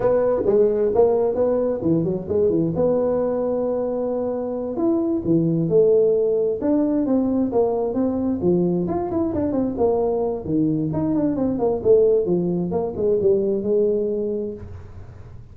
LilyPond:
\new Staff \with { instrumentName = "tuba" } { \time 4/4 \tempo 4 = 132 b4 gis4 ais4 b4 | e8 fis8 gis8 e8 b2~ | b2~ b8 e'4 e8~ | e8 a2 d'4 c'8~ |
c'8 ais4 c'4 f4 f'8 | e'8 d'8 c'8 ais4. dis4 | dis'8 d'8 c'8 ais8 a4 f4 | ais8 gis8 g4 gis2 | }